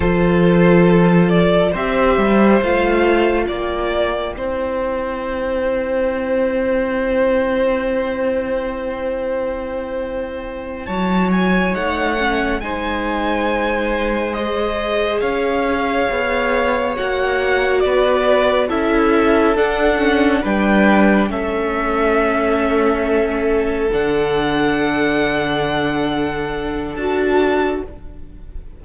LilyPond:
<<
  \new Staff \with { instrumentName = "violin" } { \time 4/4 \tempo 4 = 69 c''4. d''8 e''4 f''4 | g''1~ | g''1~ | g''8 a''8 gis''8 fis''4 gis''4.~ |
gis''8 dis''4 f''2 fis''8~ | fis''8 d''4 e''4 fis''4 g''8~ | g''8 e''2. fis''8~ | fis''2. a''4 | }
  \new Staff \with { instrumentName = "violin" } { \time 4/4 a'2 c''2 | d''4 c''2.~ | c''1~ | c''8 cis''2 c''4.~ |
c''4. cis''2~ cis''8~ | cis''8 b'4 a'2 b'8~ | b'8 a'2.~ a'8~ | a'1 | }
  \new Staff \with { instrumentName = "viola" } { \time 4/4 f'2 g'4 f'4~ | f'4 e'2.~ | e'1~ | e'4. dis'8 cis'8 dis'4.~ |
dis'8 gis'2. fis'8~ | fis'4. e'4 d'8 cis'8 d'8~ | d'8 cis'2. d'8~ | d'2. fis'4 | }
  \new Staff \with { instrumentName = "cello" } { \time 4/4 f2 c'8 g8 a4 | ais4 c'2.~ | c'1~ | c'8 fis4 a4 gis4.~ |
gis4. cis'4 b4 ais8~ | ais8 b4 cis'4 d'4 g8~ | g8 a2. d8~ | d2. d'4 | }
>>